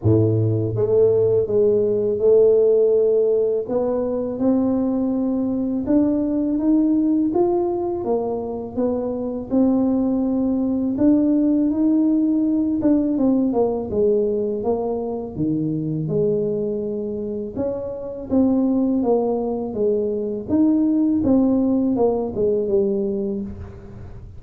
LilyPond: \new Staff \with { instrumentName = "tuba" } { \time 4/4 \tempo 4 = 82 a,4 a4 gis4 a4~ | a4 b4 c'2 | d'4 dis'4 f'4 ais4 | b4 c'2 d'4 |
dis'4. d'8 c'8 ais8 gis4 | ais4 dis4 gis2 | cis'4 c'4 ais4 gis4 | dis'4 c'4 ais8 gis8 g4 | }